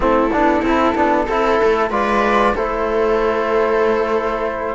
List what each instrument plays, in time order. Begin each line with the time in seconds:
0.00 cello A3, trombone C4, viola E4, flute A4
0.32 cello B3, trombone D4
0.61 cello C4, trombone E4
0.95 cello B3, trombone D4
1.24 cello C4, trombone E4, viola A4
1.62 cello A3
1.90 cello G#3, trombone F4, viola B4, flute D5
2.55 cello A3, trombone E4, viola A4, flute C5